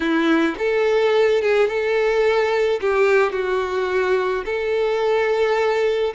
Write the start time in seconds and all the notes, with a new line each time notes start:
0.00 E4
0.58 A4
1.42 G#4
1.68 A4
2.80 G4
3.32 F#4
4.45 A4